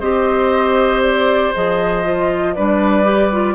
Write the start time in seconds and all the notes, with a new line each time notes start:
0.00 C4 G4 C5 D#5
1.03 D5
1.54 F3 G#4 D#5
2.04 F4
2.55 G3 D4 B4 D5
3.04 G4
3.32 F4